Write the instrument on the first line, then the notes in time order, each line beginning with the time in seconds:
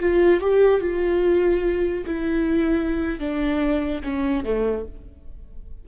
viola
0.00 F4
0.41 G4
0.81 F4
2.06 E4
3.20 D4
4.03 C#4
4.44 A3